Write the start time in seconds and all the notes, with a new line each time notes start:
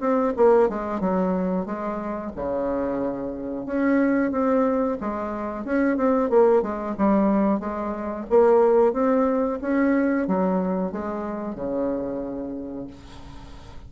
0.00 C4
0.36 A#3
0.69 G#3
1.00 F#3
1.65 G#3
2.36 C#3
3.66 C#4
4.31 C4
5.00 G#3
5.64 C#4
5.97 C4
6.30 A#3
6.62 G#3
6.97 G3
7.59 G#3
8.30 A#3
8.93 C4
9.61 C#4
10.27 F#3
10.92 G#3
11.55 C#3